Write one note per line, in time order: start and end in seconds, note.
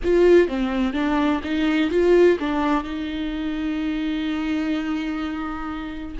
0.03 0.48 F4
0.48 0.93 C4
0.93 1.40 D4
1.43 1.90 D#4
1.90 2.38 F4
2.39 2.83 D4
2.83 6.16 D#4